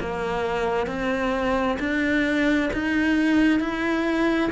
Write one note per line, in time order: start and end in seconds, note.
0.00 0.87 A#3
0.87 1.78 C4
1.79 2.70 D4
2.73 3.60 D#4
3.60 4.51 E4